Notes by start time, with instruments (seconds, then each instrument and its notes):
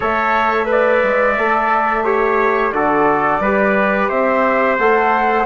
0.00 bassoon A3, trombone A4, trumpet C#5, flute E5
0.65 trombone B4, trumpet D5
1.03 bassoon G#3
1.37 bassoon A3, trombone A4
2.04 trombone G4, trumpet C#5
2.71 bassoon D3, trombone F#4, trumpet A4, flute D5
3.39 bassoon G3, trombone G4, trumpet B4
4.08 bassoon C4, trumpet C5, flute E5
4.78 bassoon A3, trombone A4, flute F#5